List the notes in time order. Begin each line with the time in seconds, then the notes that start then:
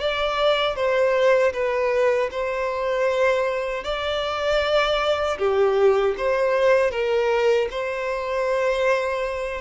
0.00 D5
0.76 C5
1.53 B4
2.31 C5
3.84 D5
5.38 G4
6.17 C5
6.91 A#4
7.71 C5